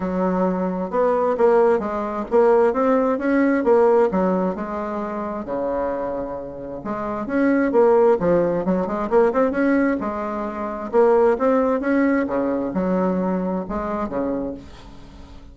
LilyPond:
\new Staff \with { instrumentName = "bassoon" } { \time 4/4 \tempo 4 = 132 fis2 b4 ais4 | gis4 ais4 c'4 cis'4 | ais4 fis4 gis2 | cis2. gis4 |
cis'4 ais4 f4 fis8 gis8 | ais8 c'8 cis'4 gis2 | ais4 c'4 cis'4 cis4 | fis2 gis4 cis4 | }